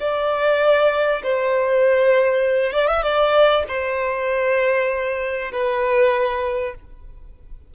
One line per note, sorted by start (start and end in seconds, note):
0.00 1.22 D5
1.23 2.72 C5
2.72 2.87 D5
2.87 3.03 E5
3.03 3.64 D5
3.68 5.52 C5
5.52 6.75 B4